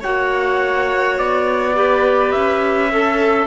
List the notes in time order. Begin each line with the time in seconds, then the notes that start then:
0.00 A#3 F#4 C#5 F#5
1.18 B3 D5
1.74 G4 B4
2.31 C#4 E5
2.90 A4